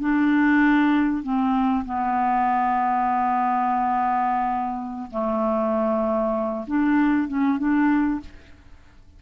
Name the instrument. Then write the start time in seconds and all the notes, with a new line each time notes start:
clarinet
0.00 D4
1.23 C4
1.86 B3
5.11 A3
6.67 D4
7.28 C#4
7.59 D4